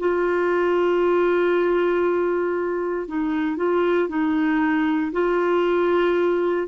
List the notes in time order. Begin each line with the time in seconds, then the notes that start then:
0.00 F4
3.08 D#4
3.57 F4
4.09 D#4
5.13 F4